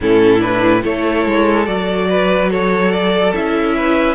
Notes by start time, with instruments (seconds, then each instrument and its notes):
0.00 cello A2, viola C#4, violin E4 A4
0.39 viola D4, violin B4
0.82 cello A3, viola E4, violin A4 C#5
1.26 cello G#3
1.65 cello F#3, viola F#4, violin D5
2.09 violin B4
2.50 violin A4 C#5
2.91 violin D5
3.33 cello C#4, viola E4, violin E5
3.76 violin B4